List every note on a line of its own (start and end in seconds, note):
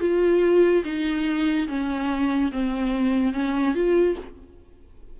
0.00 0.83 F4
0.84 1.67 D#4
1.68 2.51 C#4
2.52 3.33 C4
3.33 3.74 C#4
3.74 4.16 F4